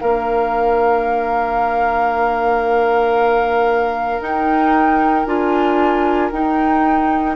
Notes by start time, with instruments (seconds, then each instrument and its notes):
0.00 bassoon A#3, clarinet D4, oboe A#4, flute F5
4.20 bassoon D#4, clarinet D#4, flute G5
5.26 bassoon D4, clarinet F4, flute G#5
6.32 clarinet D#4, bassoon D#4, flute G5